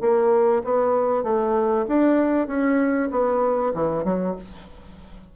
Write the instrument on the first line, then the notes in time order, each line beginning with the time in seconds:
bassoon
0.00 A#3
0.64 B3
1.23 A3
1.88 D4
2.47 C#4
3.11 B3
3.74 E3
4.04 F#3